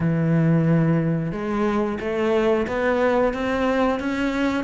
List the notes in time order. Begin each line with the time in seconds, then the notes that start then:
0.00 E3
1.32 G#3
2.00 A3
2.67 B3
3.33 C4
3.99 C#4